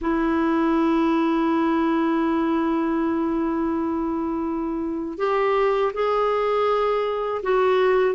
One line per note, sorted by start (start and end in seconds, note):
0.01 5.18 E4
5.18 5.92 G4
5.93 7.41 G#4
7.43 8.15 F#4